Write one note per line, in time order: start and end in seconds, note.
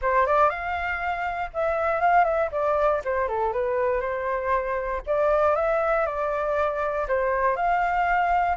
0.01 0.26 C5
0.26 0.49 D5
0.49 1.50 F5
1.53 2.00 E5
2.00 2.24 F5
2.24 2.49 E5
2.51 3.02 D5
3.04 3.28 C5
3.28 3.52 A4
3.52 4.00 B4
4.00 5.01 C5
5.06 5.55 D5
5.55 6.05 E5
6.05 7.06 D5
7.07 7.55 C5
7.55 8.56 F5